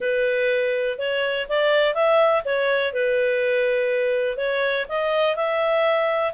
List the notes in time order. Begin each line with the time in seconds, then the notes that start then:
0.00 B4
0.98 C#5
1.48 D5
1.94 E5
2.44 C#5
2.93 B4
4.37 C#5
4.88 D#5
5.35 E5